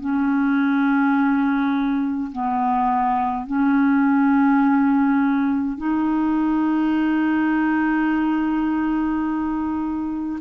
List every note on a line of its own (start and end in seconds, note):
0.00 2.31 C#4
2.32 3.47 B3
3.47 5.77 C#4
5.77 10.39 D#4